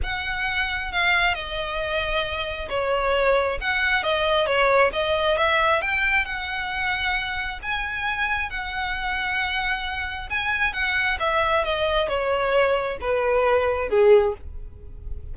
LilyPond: \new Staff \with { instrumentName = "violin" } { \time 4/4 \tempo 4 = 134 fis''2 f''4 dis''4~ | dis''2 cis''2 | fis''4 dis''4 cis''4 dis''4 | e''4 g''4 fis''2~ |
fis''4 gis''2 fis''4~ | fis''2. gis''4 | fis''4 e''4 dis''4 cis''4~ | cis''4 b'2 gis'4 | }